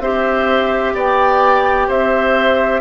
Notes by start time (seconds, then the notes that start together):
0.00 C4 G4 C5 E5
0.94 B3 D5 G5
1.88 C4 C5 E5